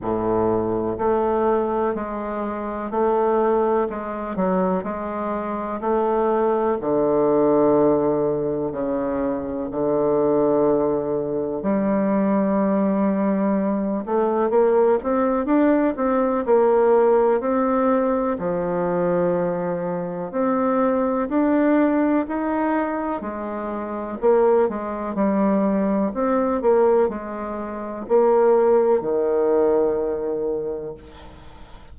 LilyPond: \new Staff \with { instrumentName = "bassoon" } { \time 4/4 \tempo 4 = 62 a,4 a4 gis4 a4 | gis8 fis8 gis4 a4 d4~ | d4 cis4 d2 | g2~ g8 a8 ais8 c'8 |
d'8 c'8 ais4 c'4 f4~ | f4 c'4 d'4 dis'4 | gis4 ais8 gis8 g4 c'8 ais8 | gis4 ais4 dis2 | }